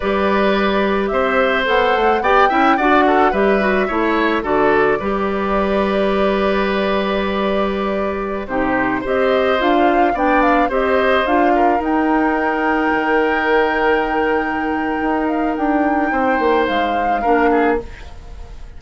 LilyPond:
<<
  \new Staff \with { instrumentName = "flute" } { \time 4/4 \tempo 4 = 108 d''2 e''4 fis''4 | g''4 fis''4 e''2 | d''1~ | d''2.~ d''16 c''8.~ |
c''16 dis''4 f''4 g''8 f''8 dis''8.~ | dis''16 f''4 g''2~ g''8.~ | g''2.~ g''8 f''8 | g''2 f''2 | }
  \new Staff \with { instrumentName = "oboe" } { \time 4/4 b'2 c''2 | d''8 e''8 d''8 a'8 b'4 cis''4 | a'4 b'2.~ | b'2.~ b'16 g'8.~ |
g'16 c''2 d''4 c''8.~ | c''8. ais'2.~ ais'16~ | ais'1~ | ais'4 c''2 ais'8 gis'8 | }
  \new Staff \with { instrumentName = "clarinet" } { \time 4/4 g'2. a'4 | g'8 e'8 fis'4 g'8 fis'8 e'4 | fis'4 g'2.~ | g'2.~ g'16 dis'8.~ |
dis'16 g'4 f'4 d'4 g'8.~ | g'16 f'4 dis'2~ dis'8.~ | dis'1~ | dis'2. d'4 | }
  \new Staff \with { instrumentName = "bassoon" } { \time 4/4 g2 c'4 b8 a8 | b8 cis'8 d'4 g4 a4 | d4 g2.~ | g2.~ g16 c8.~ |
c16 c'4 d'4 b4 c'8.~ | c'16 d'4 dis'2 dis8.~ | dis2. dis'4 | d'4 c'8 ais8 gis4 ais4 | }
>>